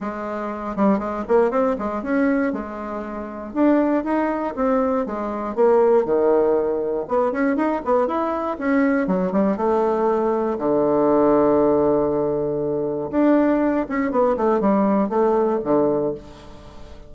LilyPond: \new Staff \with { instrumentName = "bassoon" } { \time 4/4 \tempo 4 = 119 gis4. g8 gis8 ais8 c'8 gis8 | cis'4 gis2 d'4 | dis'4 c'4 gis4 ais4 | dis2 b8 cis'8 dis'8 b8 |
e'4 cis'4 fis8 g8 a4~ | a4 d2.~ | d2 d'4. cis'8 | b8 a8 g4 a4 d4 | }